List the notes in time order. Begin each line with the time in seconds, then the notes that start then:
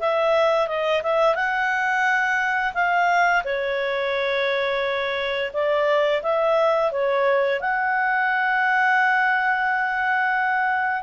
0.00 E5
0.67 D#5
1.03 E5
1.35 F#5
2.74 F5
3.44 C#5
5.53 D5
6.22 E5
6.92 C#5
7.60 F#5